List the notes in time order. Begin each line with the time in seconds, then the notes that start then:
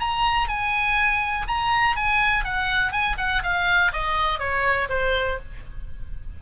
0.00 A#5
0.48 G#5
1.48 A#5
1.96 G#5
2.44 F#5
2.92 G#5
3.18 F#5
3.43 F5
3.93 D#5
4.39 C#5
4.89 C5